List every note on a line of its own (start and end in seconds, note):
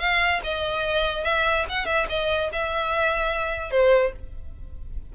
0.00 0.41 F5
0.44 1.25 D#5
1.25 1.66 E5
1.70 1.86 F#5
1.86 2.07 E5
2.09 2.51 D#5
2.53 3.71 E5
3.71 4.13 C5